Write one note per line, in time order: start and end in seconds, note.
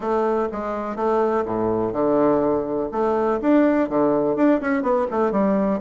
0.00 0.48 A3
0.51 0.96 G#3
0.96 1.44 A3
1.45 1.92 A2
1.92 2.89 D3
2.91 3.40 A3
3.41 3.89 D4
3.89 4.36 D3
4.36 4.60 D4
4.61 4.82 C#4
4.82 5.06 B3
5.10 5.31 A3
5.31 5.80 G3